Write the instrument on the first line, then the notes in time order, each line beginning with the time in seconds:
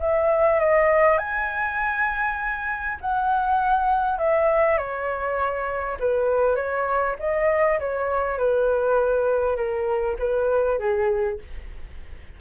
flute
0.00 E5
0.60 D#5
1.18 G#5
3.01 F#5
4.18 E5
4.78 C#5
5.99 B4
6.56 C#5
7.19 D#5
7.79 C#5
8.38 B4
9.56 A#4
10.19 B4
10.79 G#4